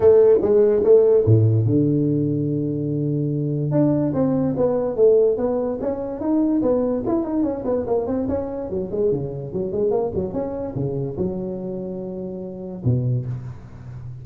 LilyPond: \new Staff \with { instrumentName = "tuba" } { \time 4/4 \tempo 4 = 145 a4 gis4 a4 a,4 | d1~ | d4 d'4 c'4 b4 | a4 b4 cis'4 dis'4 |
b4 e'8 dis'8 cis'8 b8 ais8 c'8 | cis'4 fis8 gis8 cis4 fis8 gis8 | ais8 fis8 cis'4 cis4 fis4~ | fis2. b,4 | }